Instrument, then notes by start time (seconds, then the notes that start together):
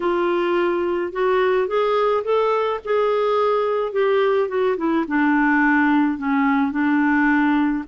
clarinet
0.00 F4
1.12 F#4
1.67 G#4
2.24 A4
2.84 G#4
3.92 G4
4.48 F#4
4.77 E4
5.07 D4
6.18 C#4
6.71 D4